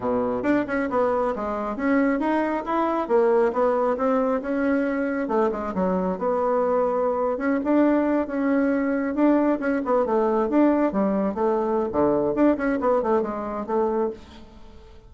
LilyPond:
\new Staff \with { instrumentName = "bassoon" } { \time 4/4 \tempo 4 = 136 b,4 d'8 cis'8 b4 gis4 | cis'4 dis'4 e'4 ais4 | b4 c'4 cis'2 | a8 gis8 fis4 b2~ |
b8. cis'8 d'4. cis'4~ cis'16~ | cis'8. d'4 cis'8 b8 a4 d'16~ | d'8. g4 a4~ a16 d4 | d'8 cis'8 b8 a8 gis4 a4 | }